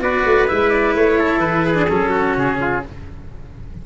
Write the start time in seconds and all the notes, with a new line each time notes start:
0.00 B3 F#4 B4 D5
0.26 A3
0.48 G#3 E4 E5
0.71 D5
0.95 A3 C#5
1.19 A4
1.39 E3 B4
1.66 G#4
1.75 D4
1.89 F#3 C#4 A4
2.10 F#4
2.37 C#3 G#4
2.61 F4